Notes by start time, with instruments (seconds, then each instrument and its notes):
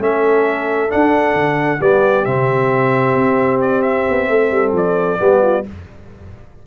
0.00 tuba A3, trombone C#4, horn A4, trumpet E5
0.89 trombone D4, tuba D4, trumpet F#5
1.35 tuba D3
1.80 tuba G3, trombone B3, horn G4, trumpet D5
2.25 tuba C3, trombone C4, trumpet E5
3.15 tuba C4
3.62 trumpet D5
3.82 trumpet E5
4.10 tuba B3
4.29 tuba A3, horn A4
4.51 tuba G3
4.73 tuba F3, trumpet D5
5.19 tuba G3, trombone B3, horn G4
5.43 horn F4